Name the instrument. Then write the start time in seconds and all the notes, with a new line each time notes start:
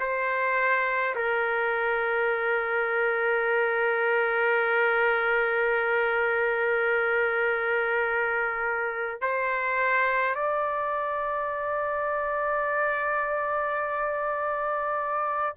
trumpet
0.00 C5
1.16 A#4
9.22 C5
10.35 D5